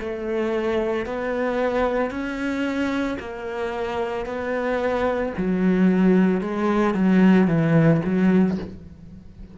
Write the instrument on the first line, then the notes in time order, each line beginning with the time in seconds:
cello
0.00 A3
1.06 B3
2.11 C#4
3.19 A#3
4.26 B3
5.38 F#3
6.41 G#3
6.94 F#3
7.48 E3
8.05 F#3